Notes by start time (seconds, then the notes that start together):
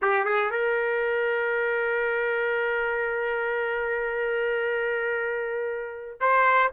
0.02 G4
0.24 G#4
0.51 A#4
6.20 C5